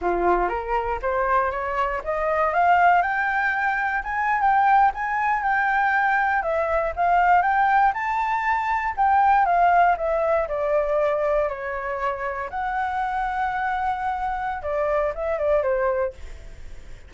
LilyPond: \new Staff \with { instrumentName = "flute" } { \time 4/4 \tempo 4 = 119 f'4 ais'4 c''4 cis''4 | dis''4 f''4 g''2 | gis''8. g''4 gis''4 g''4~ g''16~ | g''8. e''4 f''4 g''4 a''16~ |
a''4.~ a''16 g''4 f''4 e''16~ | e''8. d''2 cis''4~ cis''16~ | cis''8. fis''2.~ fis''16~ | fis''4 d''4 e''8 d''8 c''4 | }